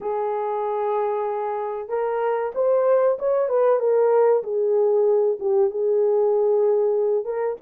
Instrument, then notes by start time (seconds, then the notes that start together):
horn
0.00 G#4
1.88 A#4
2.54 C5
3.18 C#5
3.49 B4
3.79 A#4
4.43 G#4
5.39 G4
5.70 G#4
7.24 A#4